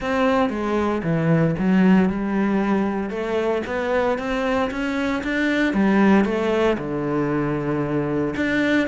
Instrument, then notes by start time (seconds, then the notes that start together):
cello
0.00 C4
0.49 G#3
1.03 E3
1.58 F#3
2.09 G3
3.09 A3
3.66 B3
4.18 C4
4.70 C#4
5.23 D4
5.73 G3
6.25 A3
6.78 D3
8.36 D4